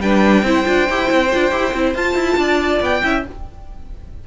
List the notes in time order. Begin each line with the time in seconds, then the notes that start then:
0.00 G3 D4 B4 G5
0.43 C4 E4 C5
0.65 D4 F4
0.89 E4 G4
1.06 C4 E4
1.32 D4 F4
1.51 E4 G4
1.74 C4 E4
1.95 F4 A5
2.15 E4
2.37 D4 D5
2.81 B3 G5
3.03 C#4 E4 E5